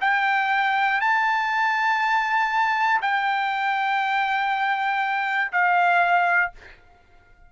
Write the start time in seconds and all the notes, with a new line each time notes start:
0.00 G5
1.00 A5
3.01 G5
5.51 F5